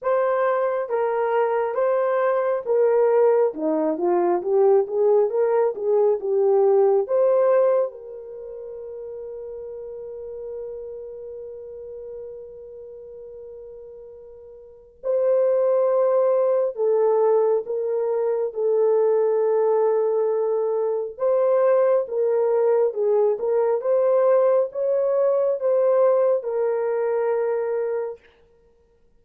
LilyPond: \new Staff \with { instrumentName = "horn" } { \time 4/4 \tempo 4 = 68 c''4 ais'4 c''4 ais'4 | dis'8 f'8 g'8 gis'8 ais'8 gis'8 g'4 | c''4 ais'2.~ | ais'1~ |
ais'4 c''2 a'4 | ais'4 a'2. | c''4 ais'4 gis'8 ais'8 c''4 | cis''4 c''4 ais'2 | }